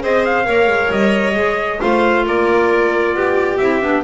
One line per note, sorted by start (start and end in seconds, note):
0.00 0.47 C4
0.00 0.44 G#4
0.00 0.46 C5
0.00 0.25 D#5
0.25 0.92 F5
0.44 0.67 A#3
0.44 1.33 A#4
0.44 1.80 C#5
0.67 0.89 G#3
0.91 1.35 G3
0.91 1.81 D#5
1.34 1.80 G#3
1.34 1.79 G#4
1.80 2.26 A3
1.80 3.59 F4
1.80 2.25 C5
1.80 2.25 F5
2.26 3.14 A#3
2.26 3.15 A#4
2.26 3.57 D5
3.14 3.58 B3
3.14 4.03 G4
3.57 3.82 C4
3.57 3.80 E4
3.57 4.01 E5
3.80 4.03 B3
3.80 4.03 D4